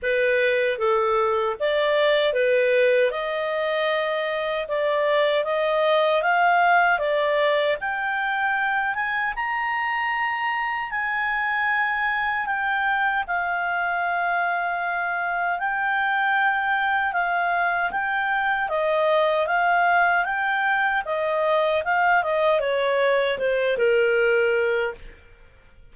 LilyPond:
\new Staff \with { instrumentName = "clarinet" } { \time 4/4 \tempo 4 = 77 b'4 a'4 d''4 b'4 | dis''2 d''4 dis''4 | f''4 d''4 g''4. gis''8 | ais''2 gis''2 |
g''4 f''2. | g''2 f''4 g''4 | dis''4 f''4 g''4 dis''4 | f''8 dis''8 cis''4 c''8 ais'4. | }